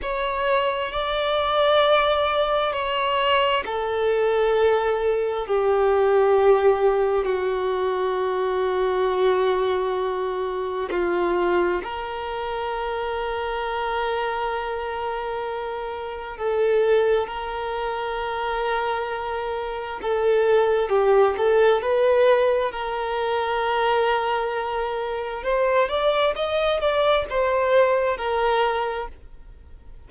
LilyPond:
\new Staff \with { instrumentName = "violin" } { \time 4/4 \tempo 4 = 66 cis''4 d''2 cis''4 | a'2 g'2 | fis'1 | f'4 ais'2.~ |
ais'2 a'4 ais'4~ | ais'2 a'4 g'8 a'8 | b'4 ais'2. | c''8 d''8 dis''8 d''8 c''4 ais'4 | }